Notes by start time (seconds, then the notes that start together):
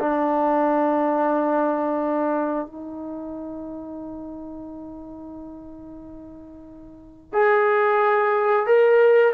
0.00 D4
2.67 D#4
7.33 G#4
8.67 A#4